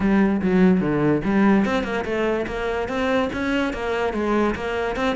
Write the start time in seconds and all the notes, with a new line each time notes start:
0.00 G3
0.41 F#3
0.80 D3
1.24 G3
1.65 C4
1.83 A#3
2.04 A3
2.46 A#3
2.88 C4
3.33 C#4
3.73 A#3
4.13 G#3
4.55 A#3
4.95 C4